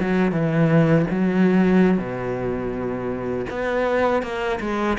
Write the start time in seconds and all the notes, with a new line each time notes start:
0.00 F#3
0.32 E3
1.10 F#3
1.98 B2
3.50 B3
4.22 A#3
4.60 G#3